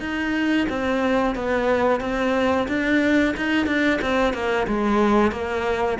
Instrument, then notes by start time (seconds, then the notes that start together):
cello
0.00 D#4
0.69 C4
1.35 B3
2.01 C4
2.68 D4
3.37 D#4
3.66 D4
4.02 C4
4.34 A#3
4.68 G#3
5.32 A#3